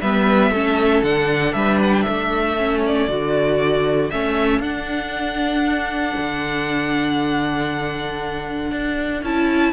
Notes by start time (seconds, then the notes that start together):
0.00 G3 B3 B4 E5
0.50 A3 C#4 A4
1.03 D3 D4 F#5
1.53 G3 B4 E5
1.82 F#5
1.93 G5
2.01 A4 E5
2.09 A3
2.57 C#4
2.85 D5
3.08 D3 F#4
4.10 A3 C#4 E5
4.59 D4 F#5
6.17 D3
8.71 D4
9.22 C#4 E4 A5